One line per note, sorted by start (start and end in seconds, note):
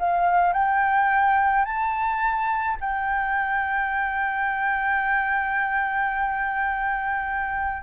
0.00 0.54 F5
0.54 1.65 G5
1.65 2.78 A5
2.81 7.83 G5